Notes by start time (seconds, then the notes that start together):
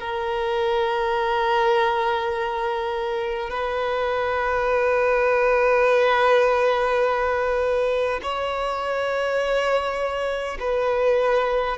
0.00 A#4
3.50 B4
8.22 C#5
10.60 B4